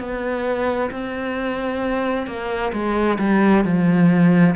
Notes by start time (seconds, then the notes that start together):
0.00 B3
0.91 C4
2.27 A#3
2.73 G#3
3.19 G3
3.64 F3